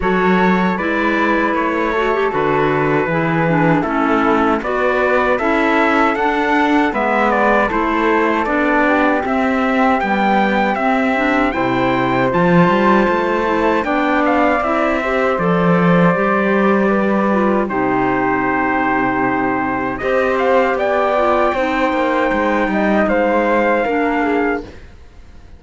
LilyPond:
<<
  \new Staff \with { instrumentName = "trumpet" } { \time 4/4 \tempo 4 = 78 cis''4 d''4 cis''4 b'4~ | b'4 a'4 d''4 e''4 | fis''4 e''8 d''8 c''4 d''4 | e''4 g''4 e''4 g''4 |
a''2 g''8 f''8 e''4 | d''2. c''4~ | c''2 dis''8 f''8 g''4~ | g''2 f''2 | }
  \new Staff \with { instrumentName = "flute" } { \time 4/4 a'4 b'4. a'4. | gis'4 e'4 b'4 a'4~ | a'4 b'4 a'4. g'8~ | g'2. c''4~ |
c''2 d''4. c''8~ | c''2 b'4 g'4~ | g'2 c''4 d''4 | c''4. dis''8 c''4 ais'8 gis'8 | }
  \new Staff \with { instrumentName = "clarinet" } { \time 4/4 fis'4 e'4. fis'16 g'16 fis'4 | e'8 d'8 cis'4 fis'4 e'4 | d'4 b4 e'4 d'4 | c'4 g4 c'8 d'8 e'4 |
f'4. e'8 d'4 e'8 g'8 | a'4 g'4. f'8 dis'4~ | dis'2 g'4. f'8 | dis'2. d'4 | }
  \new Staff \with { instrumentName = "cello" } { \time 4/4 fis4 gis4 a4 d4 | e4 a4 b4 cis'4 | d'4 gis4 a4 b4 | c'4 b4 c'4 c4 |
f8 g8 a4 b4 c'4 | f4 g2 c4~ | c2 c'4 b4 | c'8 ais8 gis8 g8 gis4 ais4 | }
>>